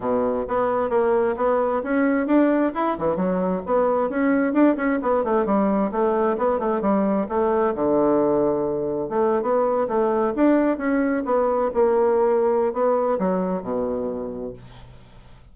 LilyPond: \new Staff \with { instrumentName = "bassoon" } { \time 4/4 \tempo 4 = 132 b,4 b4 ais4 b4 | cis'4 d'4 e'8 e8 fis4 | b4 cis'4 d'8 cis'8 b8 a8 | g4 a4 b8 a8 g4 |
a4 d2. | a8. b4 a4 d'4 cis'16~ | cis'8. b4 ais2~ ais16 | b4 fis4 b,2 | }